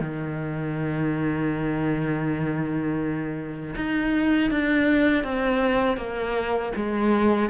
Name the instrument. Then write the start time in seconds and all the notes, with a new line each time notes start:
cello
0.00 D#3
3.76 D#4
4.51 D4
5.24 C4
5.97 A#3
6.76 G#3